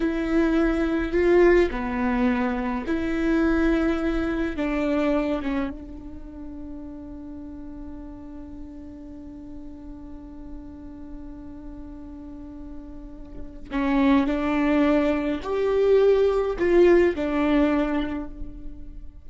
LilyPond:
\new Staff \with { instrumentName = "viola" } { \time 4/4 \tempo 4 = 105 e'2 f'4 b4~ | b4 e'2. | d'4. cis'8 d'2~ | d'1~ |
d'1~ | d'1 | cis'4 d'2 g'4~ | g'4 f'4 d'2 | }